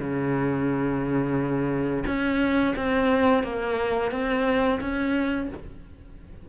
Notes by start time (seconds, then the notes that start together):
0.00 C#3
2.07 C#4
2.76 C4
3.43 A#3
4.12 C4
4.81 C#4